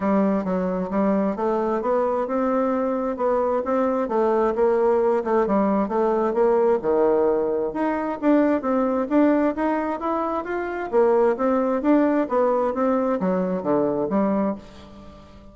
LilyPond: \new Staff \with { instrumentName = "bassoon" } { \time 4/4 \tempo 4 = 132 g4 fis4 g4 a4 | b4 c'2 b4 | c'4 a4 ais4. a8 | g4 a4 ais4 dis4~ |
dis4 dis'4 d'4 c'4 | d'4 dis'4 e'4 f'4 | ais4 c'4 d'4 b4 | c'4 fis4 d4 g4 | }